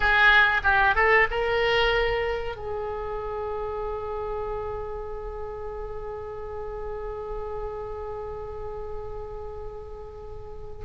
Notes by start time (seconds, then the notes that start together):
0.00 G#4
0.63 G4
0.95 A4
1.30 A#4
2.56 G#4